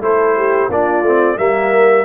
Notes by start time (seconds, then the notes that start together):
0.00 A3 E4 A4 C5
0.36 G4
0.68 A#3 D4 F4 D5
1.02 A3 C4
1.37 G3 A#3 A#4 E5